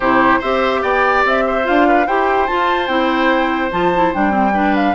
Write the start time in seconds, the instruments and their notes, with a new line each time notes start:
0.00 bassoon C3, clarinet E4, oboe G4, flute C5
0.39 bassoon C4, clarinet G4, oboe C5, flute E5
0.82 bassoon B3, oboe D5, flute G5
1.25 bassoon C4, flute E5
1.46 oboe C5
1.63 bassoon D4, clarinet F4, flute F5
1.88 oboe B4
2.06 bassoon E4, clarinet G4, oboe C5, flute G5
2.47 clarinet F4, bassoon F4, flute A5
2.87 bassoon C4, clarinet E4, flute G5
3.71 bassoon F3, clarinet F4, flute A5
3.94 clarinet E4
4.13 bassoon G3, clarinet D4, flute G5
4.30 clarinet C4
4.53 clarinet D4, oboe B4
4.75 flute F5